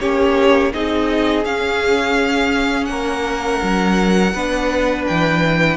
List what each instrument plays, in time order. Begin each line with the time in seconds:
0.00 cello A#3, viola C#4, violin G4 C#5
0.73 cello C4, viola D#4, violin G#4 D#5
1.45 cello C#4, viola C#4, violin F5
2.85 cello A#3, violin A#4 F#5
3.63 cello F#3
4.34 cello B3, viola D4, violin B4
5.07 cello E3, violin G5